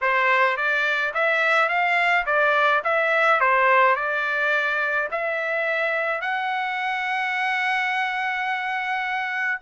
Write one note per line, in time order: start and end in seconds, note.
0.01 0.56 C5
0.56 1.13 D5
1.13 1.68 E5
1.68 2.25 F5
2.26 2.82 D5
2.84 3.40 E5
3.40 3.95 C5
3.95 5.08 D5
5.11 6.21 E5
6.21 9.60 F#5